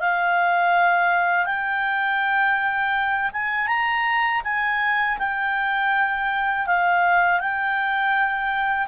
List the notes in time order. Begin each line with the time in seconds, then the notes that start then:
0.00 F5
1.46 G5
3.33 G#5
3.68 A#5
4.44 G#5
5.19 G5
6.67 F5
7.40 G5